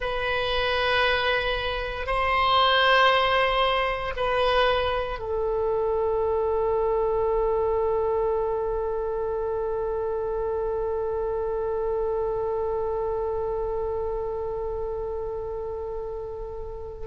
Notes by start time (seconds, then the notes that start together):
0.00 B4
2.06 C5
4.16 B4
5.19 A4